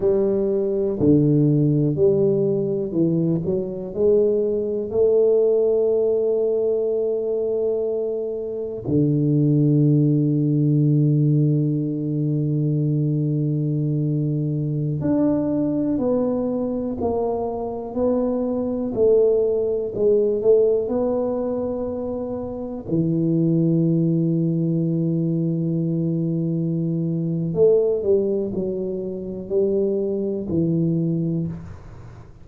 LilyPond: \new Staff \with { instrumentName = "tuba" } { \time 4/4 \tempo 4 = 61 g4 d4 g4 e8 fis8 | gis4 a2.~ | a4 d2.~ | d2.~ d16 d'8.~ |
d'16 b4 ais4 b4 a8.~ | a16 gis8 a8 b2 e8.~ | e1 | a8 g8 fis4 g4 e4 | }